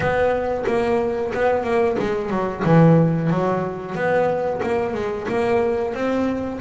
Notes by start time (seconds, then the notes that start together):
0.00 B3
0.66 A#3
1.34 B3
1.63 A#3
1.98 G#3
2.30 F#3
2.64 E3
3.30 F#3
3.95 B3
4.62 A#3
4.94 G#3
5.28 A#3
5.94 C4